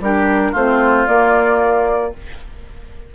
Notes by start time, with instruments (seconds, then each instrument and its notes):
0.00 bassoon G3, clarinet D4, oboe G4, flute A#4
0.52 bassoon A3, clarinet C4, oboe F4, flute C5
1.07 clarinet A#3, bassoon A#3, flute D5